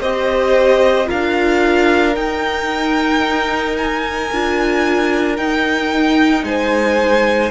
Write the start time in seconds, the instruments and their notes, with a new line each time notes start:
0.00 cello C4, viola G4, violin C5 D#5
1.06 cello D4, viola F4, violin A#4 F5
2.15 cello D#4, viola D#4, violin G5
3.77 violin G#5
4.31 cello D4, viola F4
5.37 viola D#4, cello D#4, violin G5
6.43 cello G#3, violin C5 G#5